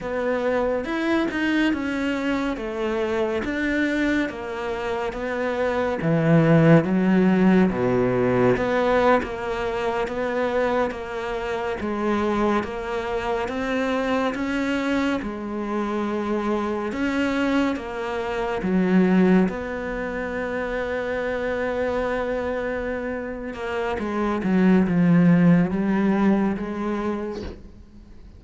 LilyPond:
\new Staff \with { instrumentName = "cello" } { \time 4/4 \tempo 4 = 70 b4 e'8 dis'8 cis'4 a4 | d'4 ais4 b4 e4 | fis4 b,4 b8. ais4 b16~ | b8. ais4 gis4 ais4 c'16~ |
c'8. cis'4 gis2 cis'16~ | cis'8. ais4 fis4 b4~ b16~ | b2.~ b8 ais8 | gis8 fis8 f4 g4 gis4 | }